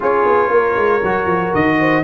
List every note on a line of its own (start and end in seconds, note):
0.00 0.25 C#4
0.00 1.01 F4
0.00 0.50 G#4
0.00 1.54 C#5
0.25 0.49 B3
0.49 0.75 A#3
0.49 1.78 A#4
0.75 1.01 G#3
1.03 1.26 F#3
1.03 2.03 F#4
1.26 1.51 F3
1.54 2.03 D#3
1.54 2.03 D#5
1.79 2.03 C5